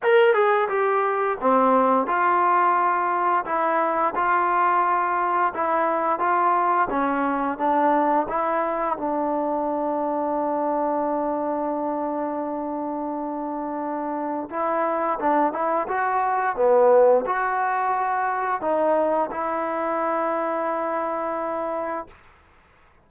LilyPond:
\new Staff \with { instrumentName = "trombone" } { \time 4/4 \tempo 4 = 87 ais'8 gis'8 g'4 c'4 f'4~ | f'4 e'4 f'2 | e'4 f'4 cis'4 d'4 | e'4 d'2.~ |
d'1~ | d'4 e'4 d'8 e'8 fis'4 | b4 fis'2 dis'4 | e'1 | }